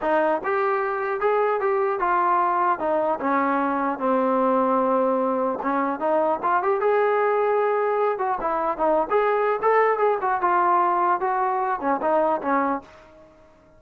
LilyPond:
\new Staff \with { instrumentName = "trombone" } { \time 4/4 \tempo 4 = 150 dis'4 g'2 gis'4 | g'4 f'2 dis'4 | cis'2 c'2~ | c'2 cis'4 dis'4 |
f'8 g'8 gis'2.~ | gis'8 fis'8 e'4 dis'8. gis'4~ gis'16 | a'4 gis'8 fis'8 f'2 | fis'4. cis'8 dis'4 cis'4 | }